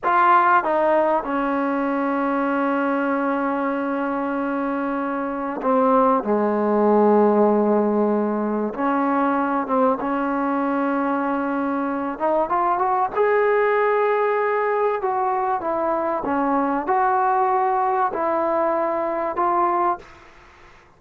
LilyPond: \new Staff \with { instrumentName = "trombone" } { \time 4/4 \tempo 4 = 96 f'4 dis'4 cis'2~ | cis'1~ | cis'4 c'4 gis2~ | gis2 cis'4. c'8 |
cis'2.~ cis'8 dis'8 | f'8 fis'8 gis'2. | fis'4 e'4 cis'4 fis'4~ | fis'4 e'2 f'4 | }